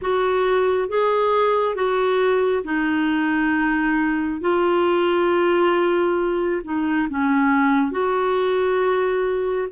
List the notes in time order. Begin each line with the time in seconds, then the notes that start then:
0.01 F#4
0.88 G#4
1.75 F#4
2.64 D#4
4.40 F4
6.63 D#4
7.09 C#4
7.91 F#4